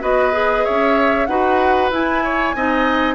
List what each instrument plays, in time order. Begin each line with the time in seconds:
0.00 bassoon B3, clarinet F#4, oboe B4, flute D#5
0.32 clarinet G#4
0.64 bassoon C#4, oboe C#5, flute E5
1.26 bassoon D#4, clarinet F#4, oboe B4, flute F#5
1.90 bassoon E4, clarinet E4, flute G#5
2.23 oboe C#5
2.54 bassoon C4, clarinet D#4, oboe D#5